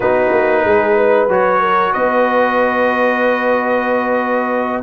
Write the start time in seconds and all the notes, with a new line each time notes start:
0.00 B3 D#4 F#4 B4
0.32 A#3
0.64 G#3 G#4
0.96 B4
1.28 F#3 F#4 C#5
1.60 A#4
1.92 B3 B4 D#5